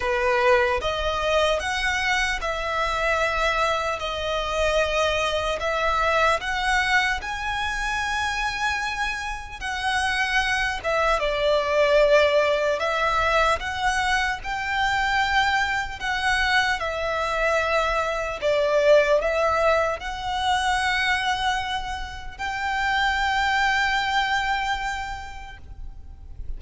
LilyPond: \new Staff \with { instrumentName = "violin" } { \time 4/4 \tempo 4 = 75 b'4 dis''4 fis''4 e''4~ | e''4 dis''2 e''4 | fis''4 gis''2. | fis''4. e''8 d''2 |
e''4 fis''4 g''2 | fis''4 e''2 d''4 | e''4 fis''2. | g''1 | }